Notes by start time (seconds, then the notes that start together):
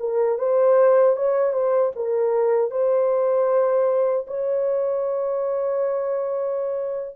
0.00 A#4
0.39 C5
1.17 C#5
1.53 C5
1.96 A#4
2.71 C5
4.28 C#5